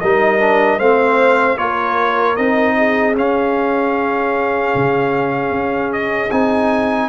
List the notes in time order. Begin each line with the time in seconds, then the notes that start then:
0.00 G3 D#4 A#4 D#5
0.40 D4
0.78 A3 C4 C5 F5
1.57 A#3 F4 A#4 C#5
2.36 C4 D#4 D#5
2.77 G#4
3.14 C#4 F5
4.75 C#3
5.50 C#4
5.92 D#5
6.31 C4 D#4 G#5